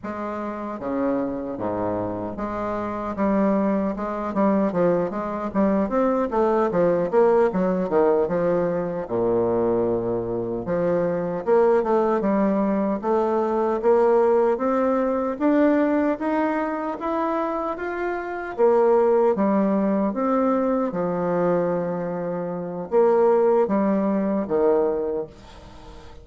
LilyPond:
\new Staff \with { instrumentName = "bassoon" } { \time 4/4 \tempo 4 = 76 gis4 cis4 gis,4 gis4 | g4 gis8 g8 f8 gis8 g8 c'8 | a8 f8 ais8 fis8 dis8 f4 ais,8~ | ais,4. f4 ais8 a8 g8~ |
g8 a4 ais4 c'4 d'8~ | d'8 dis'4 e'4 f'4 ais8~ | ais8 g4 c'4 f4.~ | f4 ais4 g4 dis4 | }